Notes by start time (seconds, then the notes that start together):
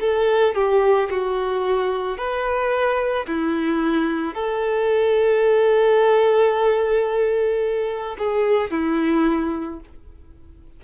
0.00 A4
0.55 G4
1.10 F#4
2.18 B4
3.27 E4
4.34 A4
8.19 G#4
8.71 E4